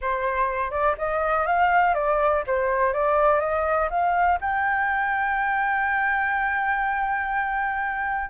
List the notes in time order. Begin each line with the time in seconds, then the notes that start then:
0.01 C5
0.70 D5
0.98 D#5
1.46 F5
1.94 D5
2.47 C5
2.93 D5
3.40 D#5
3.90 F5
4.40 G5